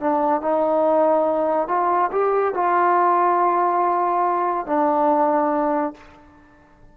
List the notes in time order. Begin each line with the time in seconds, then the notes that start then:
0.00 D4
0.41 D#4
1.68 F4
2.12 G4
2.54 F4
4.66 D4